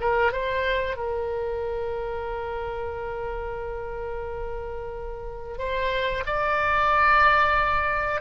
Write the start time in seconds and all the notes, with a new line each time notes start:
0.00 A#4
0.32 C5
0.96 A#4
5.58 C5
6.26 D5